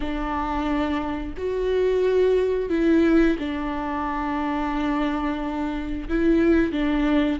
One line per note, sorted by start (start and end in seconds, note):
0.00 1.34 D4
1.37 2.69 F#4
2.69 3.37 E4
3.39 6.08 D4
6.08 6.72 E4
6.72 7.39 D4